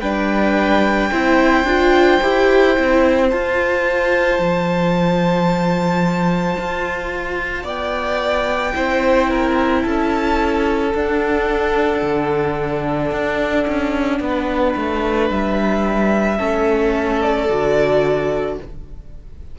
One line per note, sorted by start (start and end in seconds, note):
0.00 1.10 G3
0.00 1.11 D4
0.00 1.10 B4
0.00 3.27 G5
1.11 1.63 C4
1.11 1.66 E4
1.11 7.63 C5
1.63 2.18 D4
1.63 2.21 F4
2.22 2.77 E4
2.22 2.75 G4
2.75 3.32 C4
2.75 3.30 E4
3.30 8.74 F4
3.30 4.39 F4
3.30 7.66 A5
4.39 6.57 F3
6.58 7.64 F4
7.63 8.73 B3
7.63 8.72 D5
7.63 9.86 G5
8.74 9.85 C4
8.74 10.92 E4
8.74 9.30 C5
9.30 9.82 A#4
9.82 10.94 C#4
9.82 14.18 A4
9.82 10.96 A5
10.95 12.02 D4
10.95 16.37 D4
10.95 15.31 F#5
12.02 13.11 D3
13.12 13.66 D4
13.67 14.20 C#4
14.20 14.74 B3
14.20 16.37 B4
14.76 15.30 A3
15.30 16.39 G3
15.30 17.22 E5
16.37 17.49 A3
16.37 17.47 C#4
16.37 18.55 A4
17.22 18.58 D5
17.49 18.58 D3
17.49 18.59 F#4